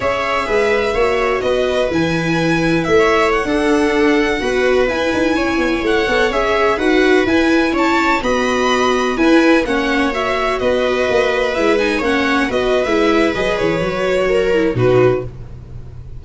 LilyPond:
<<
  \new Staff \with { instrumentName = "violin" } { \time 4/4 \tempo 4 = 126 e''2. dis''4 | gis''2 e''4 fis''4~ | fis''2~ fis''16 gis''4.~ gis''16~ | gis''16 fis''4 e''4 fis''4 gis''8.~ |
gis''16 a''4 b''2 gis''8.~ | gis''16 fis''4 e''4 dis''4.~ dis''16~ | dis''16 e''8 gis''8 fis''4 dis''8. e''4 | dis''8 cis''2~ cis''8 b'4 | }
  \new Staff \with { instrumentName = "viola" } { \time 4/4 cis''4 b'4 cis''4 b'4~ | b'2~ b'16 cis''4 a'8.~ | a'4~ a'16 b'2 cis''8.~ | cis''2~ cis''16 b'4.~ b'16~ |
b'16 cis''4 dis''2 b'8.~ | b'16 cis''2 b'4.~ b'16~ | b'4~ b'16 cis''4 b'4.~ b'16~ | b'2 ais'4 fis'4 | }
  \new Staff \with { instrumentName = "viola" } { \time 4/4 gis'2 fis'2 | e'2.~ e'16 d'8.~ | d'4~ d'16 fis'4 e'4.~ e'16~ | e'8. a'8 gis'4 fis'4 e'8.~ |
e'4~ e'16 fis'2 e'8.~ | e'16 cis'4 fis'2~ fis'8.~ | fis'16 e'8 dis'8 cis'4 fis'8. e'4 | gis'4 fis'4. e'8 dis'4 | }
  \new Staff \with { instrumentName = "tuba" } { \time 4/4 cis'4 gis4 ais4 b4 | e2 a4~ a16 d'8.~ | d'4~ d'16 b4 e'8 dis'8 cis'8 b16~ | b16 a8 b8 cis'4 dis'4 e'8.~ |
e'16 cis'4 b2 e'8.~ | e'16 ais2 b4 ais8.~ | ais16 gis4 ais4 b8. gis4 | fis8 e8 fis2 b,4 | }
>>